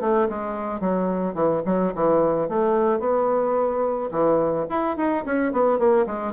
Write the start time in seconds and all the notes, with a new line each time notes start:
0.00 A3
0.29 G#3
0.80 F#3
1.34 E3
1.65 F#3
1.94 E3
2.48 A3
2.99 B3
4.11 E3
4.69 E4
4.96 D#4
5.25 C#4
5.52 B3
5.78 A#3
6.06 G#3